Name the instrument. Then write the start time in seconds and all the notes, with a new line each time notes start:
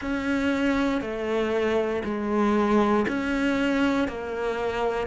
cello
0.00 C#4
1.01 A3
2.04 G#3
3.07 C#4
4.07 A#3